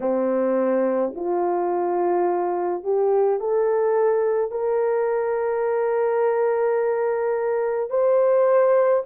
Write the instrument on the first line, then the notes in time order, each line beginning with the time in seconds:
horn
0.00 C4
1.15 F4
2.83 G4
3.40 A4
4.51 A#4
7.89 C5